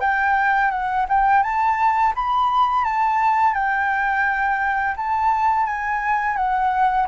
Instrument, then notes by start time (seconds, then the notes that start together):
flute
0.00 G5
0.70 F#5
1.08 G5
1.42 A5
2.15 B5
2.84 A5
3.54 G5
4.96 A5
5.66 G#5
6.36 F#5